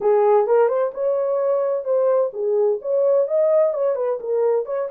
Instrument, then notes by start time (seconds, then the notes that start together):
horn
0.00 G#4
0.46 A#4
0.68 C5
0.94 C#5
1.84 C5
2.33 G#4
2.81 C#5
3.27 D#5
3.73 C#5
3.95 B4
4.20 A#4
4.65 C#5